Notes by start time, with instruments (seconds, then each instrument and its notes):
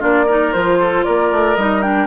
0.00 bassoon A#3, clarinet D4, oboe F4, flute D5
0.27 clarinet D#4, oboe A#4
0.53 bassoon F3, clarinet F4, flute C5
0.80 oboe A4
1.04 bassoon A#3, oboe A#4, flute D5
1.32 bassoon A3
1.56 bassoon G3, clarinet D#4, flute D#5
1.82 clarinet D4, flute G5